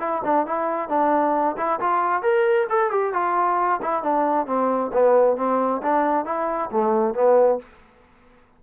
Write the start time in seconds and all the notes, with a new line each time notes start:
0.00 E4
0.25 D4
0.47 E4
0.89 D4
1.57 E4
1.80 F4
2.23 A#4
2.70 A4
2.91 G4
3.14 F4
3.82 E4
4.03 D4
4.47 C4
4.94 B3
5.37 C4
5.83 D4
6.26 E4
6.71 A3
7.15 B3